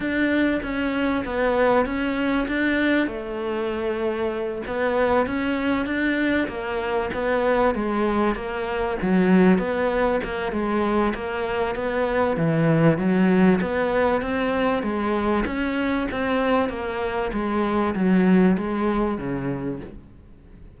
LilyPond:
\new Staff \with { instrumentName = "cello" } { \time 4/4 \tempo 4 = 97 d'4 cis'4 b4 cis'4 | d'4 a2~ a8 b8~ | b8 cis'4 d'4 ais4 b8~ | b8 gis4 ais4 fis4 b8~ |
b8 ais8 gis4 ais4 b4 | e4 fis4 b4 c'4 | gis4 cis'4 c'4 ais4 | gis4 fis4 gis4 cis4 | }